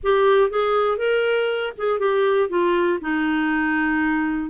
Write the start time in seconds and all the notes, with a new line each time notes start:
0.03 G4
0.50 G#4
0.97 A#4
1.77 G#4
1.99 G4
2.49 F4
3.01 D#4